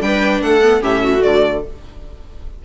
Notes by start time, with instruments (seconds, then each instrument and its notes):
0.00 bassoon G3, viola D4 B4, violin G5
0.41 bassoon A3, viola A4, violin F#5
0.62 viola B3
0.80 bassoon A2, viola C#4 G4, violin E5
1.01 viola F#4
1.18 viola A3, violin D5
1.24 bassoon D3